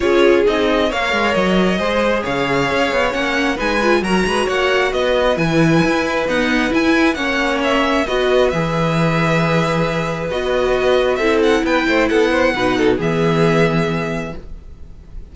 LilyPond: <<
  \new Staff \with { instrumentName = "violin" } { \time 4/4 \tempo 4 = 134 cis''4 dis''4 f''4 dis''4~ | dis''4 f''2 fis''4 | gis''4 ais''4 fis''4 dis''4 | gis''2 fis''4 gis''4 |
fis''4 e''4 dis''4 e''4~ | e''2. dis''4~ | dis''4 e''8 fis''8 g''4 fis''4~ | fis''4 e''2. | }
  \new Staff \with { instrumentName = "violin" } { \time 4/4 gis'2 cis''2 | c''4 cis''2. | b'4 ais'8 b'8 cis''4 b'4~ | b'1 |
cis''2 b'2~ | b'1~ | b'4 a'4 b'8 c''8 a'8 c''8 | b'8 a'8 gis'2. | }
  \new Staff \with { instrumentName = "viola" } { \time 4/4 f'4 dis'4 ais'2 | gis'2. cis'4 | dis'8 f'8 fis'2. | e'2 b4 e'4 |
cis'2 fis'4 gis'4~ | gis'2. fis'4~ | fis'4 e'2. | dis'4 b2. | }
  \new Staff \with { instrumentName = "cello" } { \time 4/4 cis'4 c'4 ais8 gis8 fis4 | gis4 cis4 cis'8 b8 ais4 | gis4 fis8 gis8 ais4 b4 | e4 e'4 dis'4 e'4 |
ais2 b4 e4~ | e2. b4~ | b4 c'4 b8 a8 b4 | b,4 e2. | }
>>